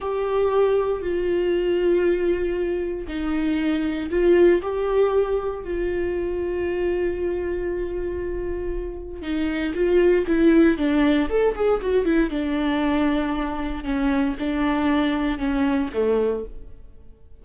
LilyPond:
\new Staff \with { instrumentName = "viola" } { \time 4/4 \tempo 4 = 117 g'2 f'2~ | f'2 dis'2 | f'4 g'2 f'4~ | f'1~ |
f'2 dis'4 f'4 | e'4 d'4 a'8 gis'8 fis'8 e'8 | d'2. cis'4 | d'2 cis'4 a4 | }